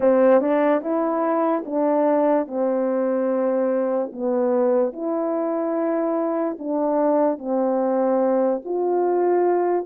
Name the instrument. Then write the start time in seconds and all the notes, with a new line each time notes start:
horn
0.00 C4
0.41 D4
0.81 E4
1.65 D4
2.47 C4
4.12 B3
4.92 E4
6.58 D4
7.38 C4
8.65 F4